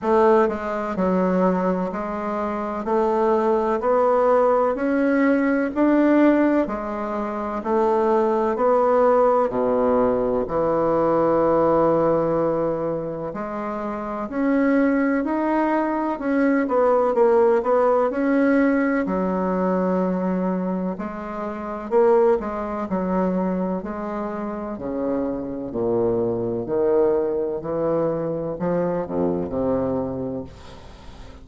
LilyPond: \new Staff \with { instrumentName = "bassoon" } { \time 4/4 \tempo 4 = 63 a8 gis8 fis4 gis4 a4 | b4 cis'4 d'4 gis4 | a4 b4 b,4 e4~ | e2 gis4 cis'4 |
dis'4 cis'8 b8 ais8 b8 cis'4 | fis2 gis4 ais8 gis8 | fis4 gis4 cis4 ais,4 | dis4 e4 f8 f,8 c4 | }